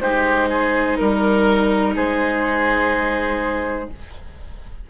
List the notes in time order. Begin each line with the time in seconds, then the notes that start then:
0.00 G#3 D#4 G4 C5
0.49 G#4
0.97 G3 A#4
1.95 G#3 G#4 C5